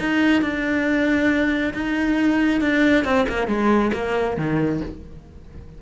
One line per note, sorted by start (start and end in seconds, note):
0.00 0.42 D#4
0.42 1.74 D4
1.74 2.61 D#4
2.61 3.05 D4
3.05 3.27 C4
3.29 3.48 A#3
3.48 3.92 G#3
3.94 4.38 A#3
4.38 4.81 D#3